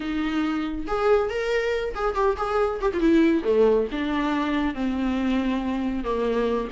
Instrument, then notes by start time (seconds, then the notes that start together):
viola
0.00 D#4
0.87 G#4
1.29 A#4
1.94 G#4
2.14 G4
2.36 G#4
2.81 G4
2.93 E4 F4
3.44 A3
3.91 D4
4.74 C4
6.03 A#3